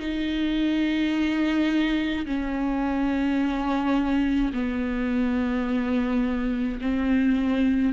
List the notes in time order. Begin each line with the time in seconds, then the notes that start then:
0.00 D#4
2.26 C#4
4.53 B3
6.82 C4